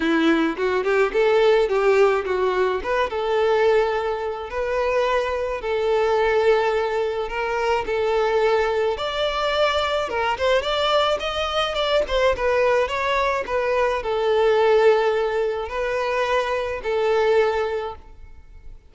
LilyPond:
\new Staff \with { instrumentName = "violin" } { \time 4/4 \tempo 4 = 107 e'4 fis'8 g'8 a'4 g'4 | fis'4 b'8 a'2~ a'8 | b'2 a'2~ | a'4 ais'4 a'2 |
d''2 ais'8 c''8 d''4 | dis''4 d''8 c''8 b'4 cis''4 | b'4 a'2. | b'2 a'2 | }